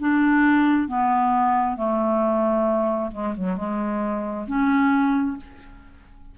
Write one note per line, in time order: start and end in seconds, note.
0.00 0.88 D4
0.88 1.77 B3
1.77 3.11 A3
3.12 3.34 G#3
3.37 3.57 F#3
3.57 4.47 G#3
4.47 5.37 C#4